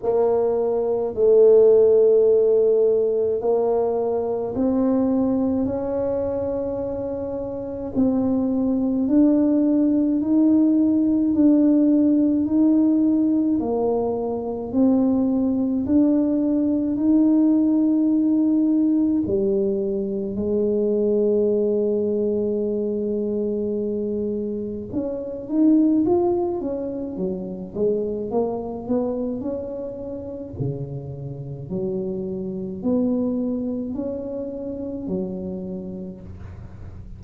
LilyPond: \new Staff \with { instrumentName = "tuba" } { \time 4/4 \tempo 4 = 53 ais4 a2 ais4 | c'4 cis'2 c'4 | d'4 dis'4 d'4 dis'4 | ais4 c'4 d'4 dis'4~ |
dis'4 g4 gis2~ | gis2 cis'8 dis'8 f'8 cis'8 | fis8 gis8 ais8 b8 cis'4 cis4 | fis4 b4 cis'4 fis4 | }